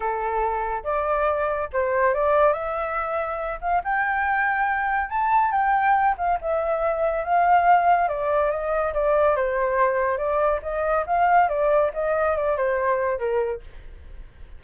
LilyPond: \new Staff \with { instrumentName = "flute" } { \time 4/4 \tempo 4 = 141 a'2 d''2 | c''4 d''4 e''2~ | e''8 f''8 g''2. | a''4 g''4. f''8 e''4~ |
e''4 f''2 d''4 | dis''4 d''4 c''2 | d''4 dis''4 f''4 d''4 | dis''4 d''8 c''4. ais'4 | }